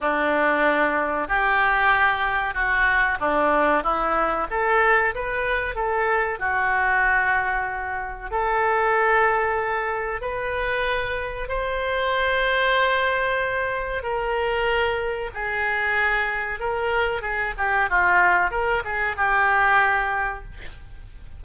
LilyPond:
\new Staff \with { instrumentName = "oboe" } { \time 4/4 \tempo 4 = 94 d'2 g'2 | fis'4 d'4 e'4 a'4 | b'4 a'4 fis'2~ | fis'4 a'2. |
b'2 c''2~ | c''2 ais'2 | gis'2 ais'4 gis'8 g'8 | f'4 ais'8 gis'8 g'2 | }